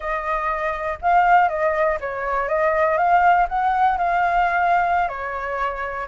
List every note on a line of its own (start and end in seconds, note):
0.00 0.98 D#5
1.01 1.49 F5
1.49 1.98 D#5
2.00 2.48 C#5
2.48 2.97 D#5
2.97 3.47 F5
3.48 3.97 F#5
3.97 5.08 F5
5.08 6.07 C#5